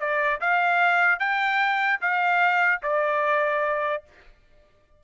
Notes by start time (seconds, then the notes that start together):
0.00 D5
0.41 F5
1.20 G5
2.01 F5
2.83 D5